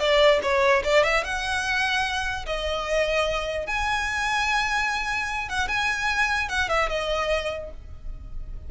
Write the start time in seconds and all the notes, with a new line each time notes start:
0.00 D5
0.43 C#5
0.85 D5
1.04 E5
1.24 F#5
2.46 D#5
3.67 G#5
5.49 F#5
5.68 G#5
6.49 F#5
6.69 E5
6.90 D#5